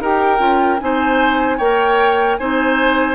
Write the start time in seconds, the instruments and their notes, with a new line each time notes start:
0.00 bassoon D#4, clarinet G4, oboe A#4, flute G5
0.39 bassoon C#4, clarinet F4
0.79 bassoon C4, clarinet D#4, oboe C5, flute G#5
1.58 bassoon A#3, clarinet A#4, oboe C#5, flute G5
2.37 bassoon C4, clarinet D#4, oboe C5, flute G#5